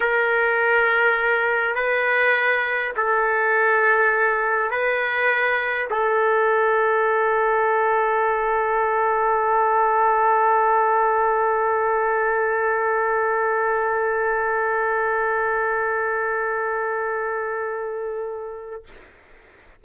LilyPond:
\new Staff \with { instrumentName = "trumpet" } { \time 4/4 \tempo 4 = 102 ais'2. b'4~ | b'4 a'2. | b'2 a'2~ | a'1~ |
a'1~ | a'1~ | a'1~ | a'1 | }